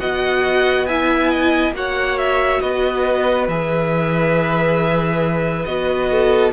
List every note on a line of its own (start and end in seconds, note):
0.00 1.71 B3
0.00 0.87 F#4
0.00 0.88 D#5
0.00 0.86 F#5
0.86 1.74 E4
0.86 1.31 E5
0.86 1.73 G#5
1.31 1.75 D#5
1.71 2.58 A#3
1.71 3.48 F#4
1.71 2.62 C#5
1.71 2.18 F#5
2.18 2.61 E5
2.61 3.48 B3
2.61 6.10 B4
2.61 3.48 D#5
3.48 5.66 E3
3.48 5.67 G#4
3.48 5.66 E5
5.66 6.53 B3
5.66 6.53 F#4
5.66 6.53 D#5
6.12 6.53 A4